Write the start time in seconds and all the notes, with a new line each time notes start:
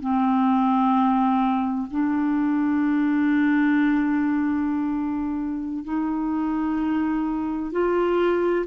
0.00 C4
1.90 D4
5.84 D#4
7.71 F4